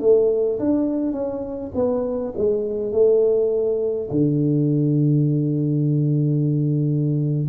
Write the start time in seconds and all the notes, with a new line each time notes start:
0.00 A3
0.59 D4
1.13 C#4
1.75 B3
2.37 G#3
2.92 A3
4.10 D3